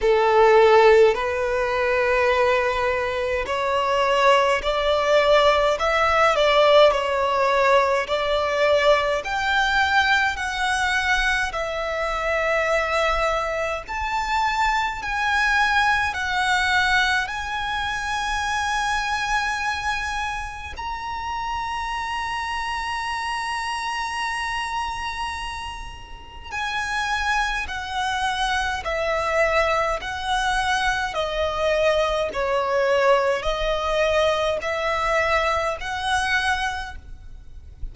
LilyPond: \new Staff \with { instrumentName = "violin" } { \time 4/4 \tempo 4 = 52 a'4 b'2 cis''4 | d''4 e''8 d''8 cis''4 d''4 | g''4 fis''4 e''2 | a''4 gis''4 fis''4 gis''4~ |
gis''2 ais''2~ | ais''2. gis''4 | fis''4 e''4 fis''4 dis''4 | cis''4 dis''4 e''4 fis''4 | }